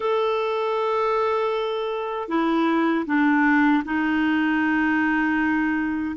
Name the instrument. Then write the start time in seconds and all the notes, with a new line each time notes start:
clarinet
0.00 A4
2.28 E4
3.06 D4
3.85 D#4